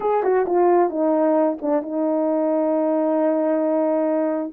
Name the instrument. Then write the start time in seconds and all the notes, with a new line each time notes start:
horn
0.00 G#4
0.23 F#4
0.45 F4
0.90 D#4
1.61 D4
1.82 D#4